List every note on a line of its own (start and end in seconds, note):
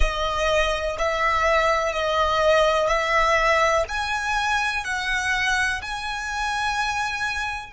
0.00 0.96 D#5
0.98 1.92 E5
1.92 2.87 D#5
2.87 3.84 E5
3.88 4.84 G#5
4.84 5.81 F#5
5.81 7.72 G#5